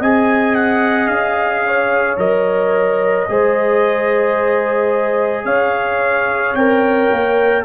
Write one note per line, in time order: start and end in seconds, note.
0.00 1.07 C4
0.00 2.17 G#4
0.00 1.64 D#5
0.00 0.55 G#5
0.55 1.08 F#5
1.07 2.17 C#4
1.07 2.17 F5
1.67 3.30 C#5
2.17 3.27 F#3
2.17 3.26 A#4
2.17 5.46 D#5
3.29 5.45 G#3
3.29 6.57 G#4
3.29 5.45 C5
5.45 6.54 C#4
5.45 7.64 C#5
5.45 6.55 F5
6.54 7.09 C4
6.54 7.65 A#4
6.54 7.65 G5
7.12 7.65 A#3